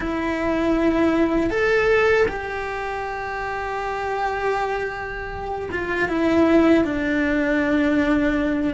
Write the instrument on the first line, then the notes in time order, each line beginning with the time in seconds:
cello
0.00 E4
1.50 A4
2.28 G4
5.71 F4
6.08 E4
6.84 D4